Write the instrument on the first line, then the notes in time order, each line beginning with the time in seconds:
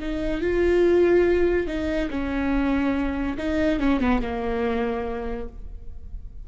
viola
0.00 D#4
0.41 F4
1.67 D#4
2.10 C#4
3.38 D#4
3.80 C#4
4.00 B3
4.22 A#3